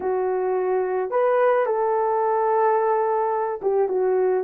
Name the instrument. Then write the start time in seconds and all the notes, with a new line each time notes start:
horn
0.00 F#4
1.10 B4
1.66 A4
3.62 G4
3.88 F#4